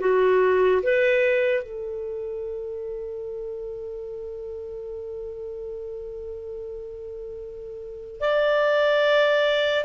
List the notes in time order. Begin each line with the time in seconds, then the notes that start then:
0.00 F#4
0.83 B4
1.63 A4
8.20 D5